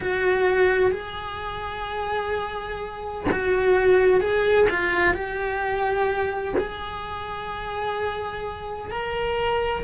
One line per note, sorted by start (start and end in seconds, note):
0.00 0.91 F#4
0.91 3.25 G#4
3.31 4.20 F#4
4.20 4.67 G#4
4.70 5.13 F4
5.13 6.54 G4
6.57 8.91 G#4
8.91 9.84 A#4